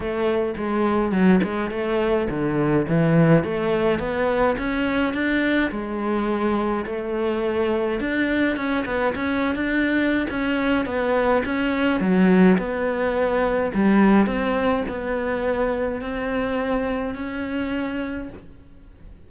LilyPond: \new Staff \with { instrumentName = "cello" } { \time 4/4 \tempo 4 = 105 a4 gis4 fis8 gis8 a4 | d4 e4 a4 b4 | cis'4 d'4 gis2 | a2 d'4 cis'8 b8 |
cis'8. d'4~ d'16 cis'4 b4 | cis'4 fis4 b2 | g4 c'4 b2 | c'2 cis'2 | }